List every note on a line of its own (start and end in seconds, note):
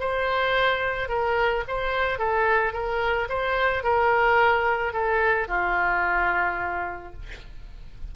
0.00 1.09 C5
1.09 1.64 A#4
1.68 2.19 C5
2.19 2.73 A4
2.73 3.28 A#4
3.29 3.83 C5
3.83 4.93 A#4
4.93 5.48 A4
5.48 7.13 F4